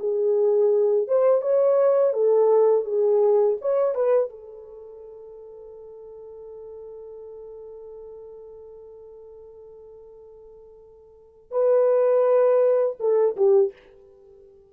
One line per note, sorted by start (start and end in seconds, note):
0.00 1.08 G#4
1.08 1.42 C5
1.42 2.13 C#5
2.13 2.85 A4
2.85 3.57 G#4
3.61 3.95 C#5
3.95 4.30 B4
4.30 11.51 A4
11.51 12.96 B4
13.00 13.36 A4
13.36 13.73 G4